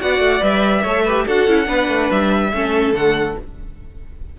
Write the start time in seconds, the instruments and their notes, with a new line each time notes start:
0.00 cello B3, viola F#4, violin D5 F#5
0.19 cello A3
0.40 cello G3, viola B4, violin E5
0.83 cello A3, viola A4, violin C#5
1.04 viola G4, violin B4
1.26 cello D4, viola F#4, violin A4 F#5
1.47 cello C#4, viola E4
1.65 cello B3, viola D4, violin B4
1.88 cello A3
2.11 cello G3, violin E5
2.53 cello A3, viola C#4, violin A4
2.93 cello D3, viola A3, violin F#5